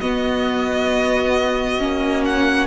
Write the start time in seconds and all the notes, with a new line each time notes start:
0.00 B3 F#4 D#5
1.79 A#3 C#4
2.25 F#5